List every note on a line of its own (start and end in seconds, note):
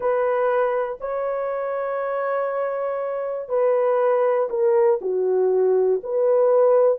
0.00 0.98 B4
1.00 3.48 C#5
3.48 4.48 B4
4.50 5.00 A#4
5.00 6.00 F#4
6.03 6.98 B4